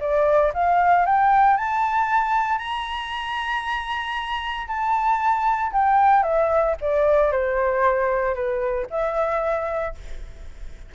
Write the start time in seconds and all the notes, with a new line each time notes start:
0.00 D5
0.54 F5
1.06 G5
1.57 A5
2.58 A#5
4.67 A5
5.72 G5
6.23 E5
6.81 D5
7.31 C5
8.34 B4
8.90 E5